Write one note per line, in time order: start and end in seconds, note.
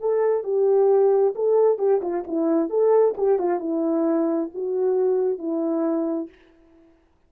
0.00 0.43 A4
0.43 1.33 G4
1.35 1.78 A4
1.78 2.01 G4
2.01 2.24 F4
2.27 2.69 E4
2.69 3.15 A4
3.17 3.38 G4
3.38 3.59 F4
3.59 4.49 E4
4.54 5.38 F#4
5.38 6.28 E4